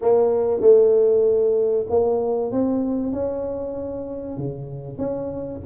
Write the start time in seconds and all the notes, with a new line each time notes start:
0.01 A#3
0.61 A3
1.89 A#3
2.51 C4
3.12 C#4
4.37 C#3
4.97 C#4